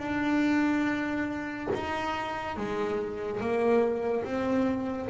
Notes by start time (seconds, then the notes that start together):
0.00 D4
1.74 D#4
2.57 G#3
3.41 A#3
4.25 C4